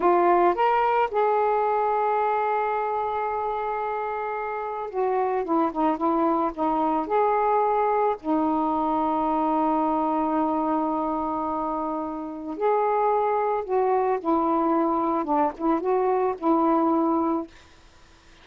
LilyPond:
\new Staff \with { instrumentName = "saxophone" } { \time 4/4 \tempo 4 = 110 f'4 ais'4 gis'2~ | gis'1~ | gis'4 fis'4 e'8 dis'8 e'4 | dis'4 gis'2 dis'4~ |
dis'1~ | dis'2. gis'4~ | gis'4 fis'4 e'2 | d'8 e'8 fis'4 e'2 | }